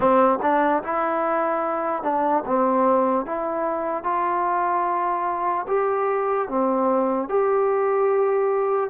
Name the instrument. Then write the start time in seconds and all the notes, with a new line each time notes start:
trombone
0.00 C4
0.42 D4
0.83 E4
2.03 D4
2.45 C4
3.25 E4
4.03 F4
5.67 G4
6.48 C4
7.29 G4